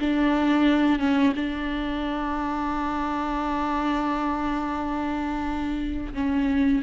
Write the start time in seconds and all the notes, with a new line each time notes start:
0.00 D4
0.99 C#4
1.36 D4
6.14 C#4